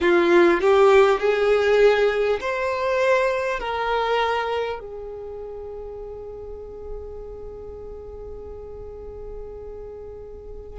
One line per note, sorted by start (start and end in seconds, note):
0.00 0.60 F4
0.61 1.19 G4
1.19 2.39 G#4
2.40 3.59 C5
3.59 4.79 A#4
4.79 10.79 G#4